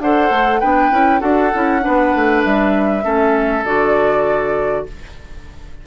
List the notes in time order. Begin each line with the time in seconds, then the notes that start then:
0.00 D4 A4 C5 F#5
0.30 A3
0.60 B3 D4 B4 G5
0.91 C#4 E4
1.20 D4 F#4 A4 F#5
1.54 C#4 E4
1.81 D4 B4
1.88 B3
2.15 A3
2.45 G3 E5
3.03 A3 C#4 A4
3.65 D3 F#4 D5